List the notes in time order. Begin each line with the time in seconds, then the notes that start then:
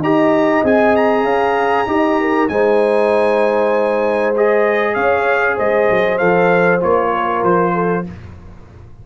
0.00 D#4 G4 D#5 A#5
0.64 C4 G#4 G#5
0.96 A#5
1.24 C#4 F5
1.87 D#4 G4 D#5
2.21 A#4
2.49 G#3 D#4 C5 G#5
4.36 G#4 D#5
4.95 C#4 C#5 F5
5.56 G#3 C5 D#5
5.90 F#3
6.18 F3 A4 F5
6.81 A#3 F4 C#5
7.12 A#4
7.44 F3 C5
7.74 A4